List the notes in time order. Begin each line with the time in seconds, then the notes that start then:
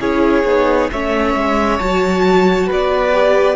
0.00 C#4 E4 G#4 C#5
0.44 B3 D#4
0.91 A3 C#4 C#5 E5
1.35 G#3
1.79 F#3 F#4 A5
2.66 B3 B4 D5
3.12 G4